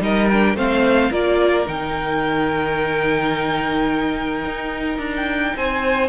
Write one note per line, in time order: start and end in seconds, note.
0.00 0.55 G3
0.00 0.28 D#4
0.00 0.56 A#4
0.00 0.28 D#5
0.28 0.57 D4
0.28 0.56 G5
0.55 1.10 A3
0.55 1.11 C4
0.55 1.11 C5
0.55 1.12 F5
1.11 1.66 A#3
1.11 1.66 F4
1.11 5.55 A#4
1.11 1.68 D5
1.66 4.45 D#3
1.66 6.09 D#4
1.66 5.00 G5
4.45 4.98 D#4
4.98 5.54 D4
4.98 5.14 A#5
5.17 5.57 G5
5.56 6.09 C4
5.56 6.09 C5
5.56 6.09 G#5